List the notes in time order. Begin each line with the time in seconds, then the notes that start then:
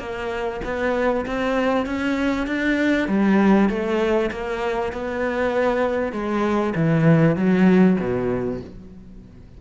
0.00 A#3
0.65 B3
1.26 C4
1.86 C#4
2.47 D4
3.08 G3
3.70 A3
4.31 A#3
4.93 B3
6.13 G#3
6.75 E3
7.36 F#3
8.00 B2